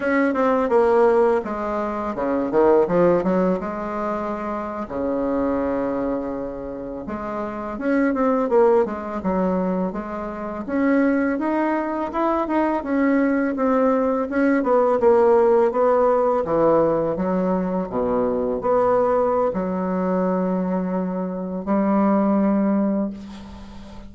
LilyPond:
\new Staff \with { instrumentName = "bassoon" } { \time 4/4 \tempo 4 = 83 cis'8 c'8 ais4 gis4 cis8 dis8 | f8 fis8 gis4.~ gis16 cis4~ cis16~ | cis4.~ cis16 gis4 cis'8 c'8 ais16~ | ais16 gis8 fis4 gis4 cis'4 dis'16~ |
dis'8. e'8 dis'8 cis'4 c'4 cis'16~ | cis'16 b8 ais4 b4 e4 fis16~ | fis8. b,4 b4~ b16 fis4~ | fis2 g2 | }